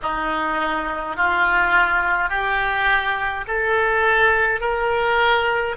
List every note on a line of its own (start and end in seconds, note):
0.02 1.16 D#4
1.16 2.29 F4
2.29 3.44 G4
3.47 4.60 A4
4.60 5.75 A#4